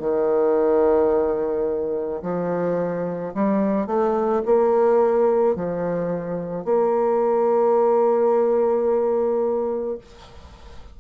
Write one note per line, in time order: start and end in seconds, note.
0.00 2.22 D#3
2.23 3.34 F3
3.35 3.87 G3
3.87 4.42 A3
4.46 5.56 A#3
5.56 6.65 F3
6.65 9.98 A#3